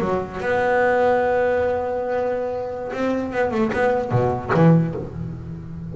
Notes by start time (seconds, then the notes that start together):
0.00 F#3
0.40 B3
2.92 C4
3.32 B3
3.51 A3
3.72 B3
4.11 B2
4.54 E3